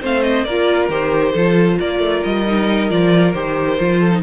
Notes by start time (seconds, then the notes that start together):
0.00 A3 C4 C5 F5
0.22 D#5
0.44 A#3 F4 A#4 D5
0.88 D#3 G4 C5
1.32 F3 F4 A4
1.79 A#3 A#4 D5
1.99 A3
2.24 G3 D#5
2.46 D#4
2.89 F3 F4 D5
3.33 D#3 G4 C5
3.79 F3 F4
3.99 A4
4.12 D#4